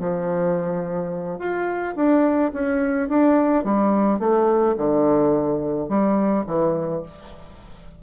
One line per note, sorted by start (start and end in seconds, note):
0.00 1.39 F3
1.39 1.95 F4
1.96 2.52 D4
2.53 3.09 C#4
3.09 3.64 D4
3.64 4.19 G3
4.19 4.75 A3
4.77 5.89 D3
5.89 6.45 G3
6.46 7.02 E3